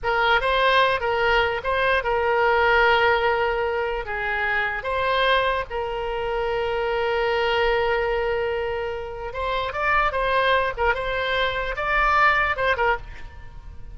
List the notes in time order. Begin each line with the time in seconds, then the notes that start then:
0.03 A#4
0.40 C5
1.00 A#4
1.63 C5
2.03 A#4
4.05 G#4
4.83 C5
5.69 A#4
9.33 C5
9.72 D5
10.11 C5
10.77 A#4
10.94 C5
11.76 D5
12.56 C5
12.76 A#4